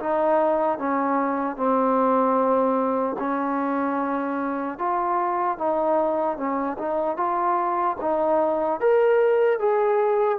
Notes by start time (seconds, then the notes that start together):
0.00 D#4
0.79 C#4
1.56 C4
3.19 C#4
4.79 F4
5.58 D#4
6.37 C#4
6.79 D#4
7.17 F4
8.01 D#4
8.81 A#4
9.59 G#4